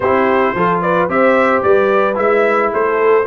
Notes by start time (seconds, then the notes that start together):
0.00 C4 E4 G4 C5
0.54 F3 F4 A4
0.81 B4 D5
1.08 C4 G4 C5 E5
1.62 G3 B4 D5
2.14 G#3 E4 E5
2.73 A3 A4 C5